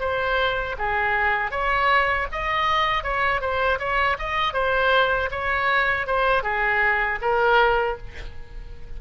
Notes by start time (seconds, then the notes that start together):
0.00 C5
0.78 G#4
1.51 C#5
2.32 D#5
3.03 C#5
3.41 C5
3.79 C#5
4.19 D#5
4.53 C5
5.31 C#5
6.07 C5
6.43 G#4
7.22 A#4